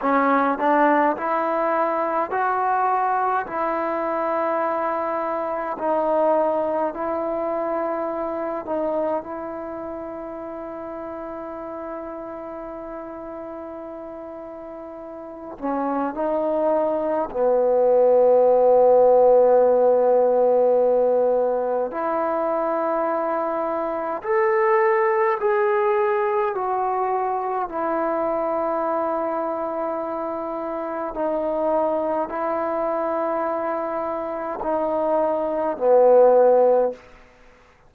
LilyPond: \new Staff \with { instrumentName = "trombone" } { \time 4/4 \tempo 4 = 52 cis'8 d'8 e'4 fis'4 e'4~ | e'4 dis'4 e'4. dis'8 | e'1~ | e'4. cis'8 dis'4 b4~ |
b2. e'4~ | e'4 a'4 gis'4 fis'4 | e'2. dis'4 | e'2 dis'4 b4 | }